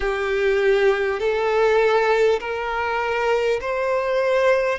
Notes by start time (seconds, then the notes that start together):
0.00 G4
1.19 A4
2.40 A#4
3.61 C5